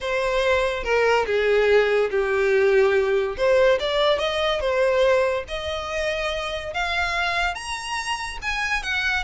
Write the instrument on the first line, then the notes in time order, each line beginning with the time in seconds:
violin
0.00 C5
0.83 A#4
1.26 G#4
2.10 G4
3.37 C5
3.79 D5
4.18 D#5
4.60 C5
5.48 D#5
6.73 F5
7.54 A#5
8.41 G#5
8.82 F#5